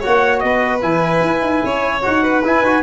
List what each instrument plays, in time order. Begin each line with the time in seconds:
0.00 trombone F#4, violin C#5, trumpet F#5
0.06 tuba A#3
0.39 tuba B3, violin B4, trumpet D#5
0.81 tuba E3, trombone E4, trumpet G#5
1.21 tuba E4
1.41 tuba D#4
1.64 tuba C#4, violin C#5
2.02 tuba D#4, trombone F#4, trumpet F#5
2.23 violin B4
2.43 tuba E4, trombone E4, trumpet G#5
2.61 tuba D#4, trombone F#4